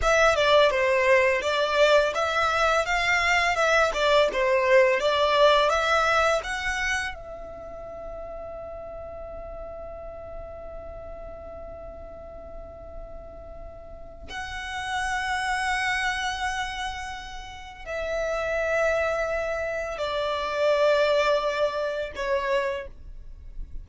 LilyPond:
\new Staff \with { instrumentName = "violin" } { \time 4/4 \tempo 4 = 84 e''8 d''8 c''4 d''4 e''4 | f''4 e''8 d''8 c''4 d''4 | e''4 fis''4 e''2~ | e''1~ |
e''1 | fis''1~ | fis''4 e''2. | d''2. cis''4 | }